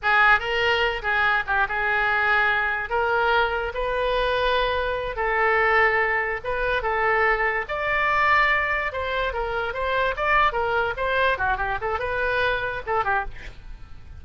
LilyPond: \new Staff \with { instrumentName = "oboe" } { \time 4/4 \tempo 4 = 145 gis'4 ais'4. gis'4 g'8 | gis'2. ais'4~ | ais'4 b'2.~ | b'8 a'2. b'8~ |
b'8 a'2 d''4.~ | d''4. c''4 ais'4 c''8~ | c''8 d''4 ais'4 c''4 fis'8 | g'8 a'8 b'2 a'8 g'8 | }